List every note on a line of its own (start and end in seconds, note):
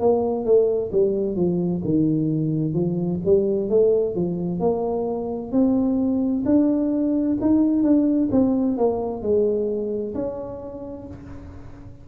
0.00 0.45 A#3
0.45 0.91 A3
0.92 1.36 G3
1.36 1.82 F3
1.84 2.74 D#3
2.74 3.20 F3
3.25 3.69 G3
3.69 4.15 A3
4.15 4.60 F3
4.60 5.52 A#3
5.52 6.44 C4
6.46 7.38 D4
7.41 7.83 D#4
7.83 8.29 D4
8.31 8.77 C4
8.77 9.22 A#3
9.22 10.15 G#3
10.15 11.07 C#4